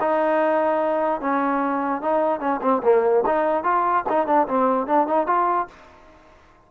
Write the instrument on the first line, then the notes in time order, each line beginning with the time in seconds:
trombone
0.00 D#4
1.21 C#4
2.01 D#4
2.40 C#4
2.61 C4
2.83 A#3
3.26 D#4
3.63 F4
4.09 D#4
4.27 D4
4.47 C4
4.87 D4
5.07 D#4
5.26 F4